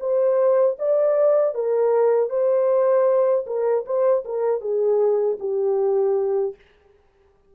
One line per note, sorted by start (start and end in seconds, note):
0.00 0.77 C5
0.79 1.54 D5
1.54 2.30 A#4
2.30 3.45 C5
3.47 3.85 A#4
3.85 4.24 C5
4.25 4.61 A#4
4.61 5.38 G#4
5.40 6.55 G4